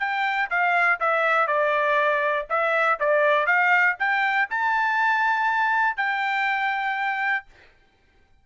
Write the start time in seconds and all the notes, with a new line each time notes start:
0.00 G5
0.50 F5
1.00 E5
1.47 D5
2.50 E5
3.00 D5
3.47 F5
4.00 G5
4.50 A5
5.97 G5